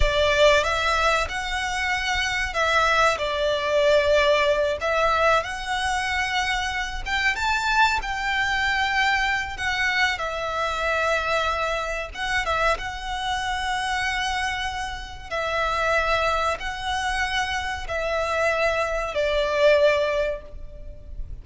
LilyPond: \new Staff \with { instrumentName = "violin" } { \time 4/4 \tempo 4 = 94 d''4 e''4 fis''2 | e''4 d''2~ d''8 e''8~ | e''8 fis''2~ fis''8 g''8 a''8~ | a''8 g''2~ g''8 fis''4 |
e''2. fis''8 e''8 | fis''1 | e''2 fis''2 | e''2 d''2 | }